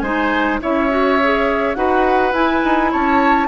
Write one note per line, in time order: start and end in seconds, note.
0.00 0.60 G#3
0.00 0.62 D#4
0.00 0.61 C5
0.00 0.58 G#5
0.62 1.76 C#4
0.62 0.90 E4
0.62 1.77 C#5
0.62 1.75 E5
0.90 1.19 F#4
1.24 1.75 G#4
1.75 2.33 D#4
1.75 2.33 F#4
1.75 2.92 B4
1.75 2.33 F#5
2.33 2.62 E4
2.33 3.48 E4
2.33 2.92 G#5
2.65 2.93 D#4
2.92 3.48 C#4
2.92 3.48 C#5
2.92 3.48 A5